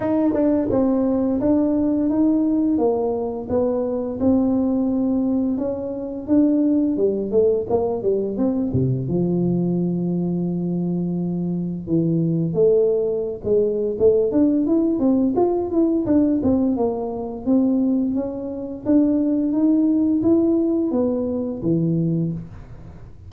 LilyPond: \new Staff \with { instrumentName = "tuba" } { \time 4/4 \tempo 4 = 86 dis'8 d'8 c'4 d'4 dis'4 | ais4 b4 c'2 | cis'4 d'4 g8 a8 ais8 g8 | c'8 c8 f2.~ |
f4 e4 a4~ a16 gis8. | a8 d'8 e'8 c'8 f'8 e'8 d'8 c'8 | ais4 c'4 cis'4 d'4 | dis'4 e'4 b4 e4 | }